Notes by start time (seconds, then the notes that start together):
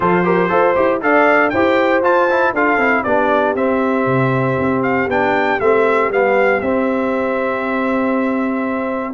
0.00 F3 F4 A4 C5
0.24 G4 A#4
0.49 F4 A4 C5
0.75 E4 G4
1.01 D4 A4 D5 F5
1.49 E4 G4 C5 G5
2.02 F4 A5
2.30 E4
2.53 D4 F4 A4 F5
2.77 C4 E4
3.03 B3 D4 G4 D5
3.55 C4 E5
4.06 C3
4.58 C4
4.82 F5
5.07 B3 D4 G5
5.60 A3 C4 E5
6.10 G3 B3 F5
6.60 C4 E5